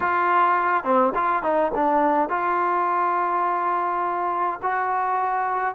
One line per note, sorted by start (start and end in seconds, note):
0.00 0.84 F4
0.84 1.12 C4
1.14 1.43 F4
1.43 1.72 D#4
1.75 2.29 D4
2.29 4.60 F4
4.62 5.74 F#4